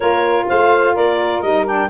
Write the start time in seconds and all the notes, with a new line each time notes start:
0.00 A#3 F4 A#4 C#5
0.48 A3 C5 F5
0.93 A#3 A#4 D5
1.41 G3 D#4 D#5
1.65 D4 G5